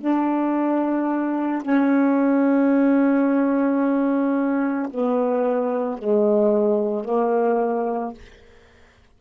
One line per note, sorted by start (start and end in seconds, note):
0.00 1.63 D4
1.63 4.90 C#4
4.91 5.99 B3
5.99 7.05 G#3
7.05 8.14 A#3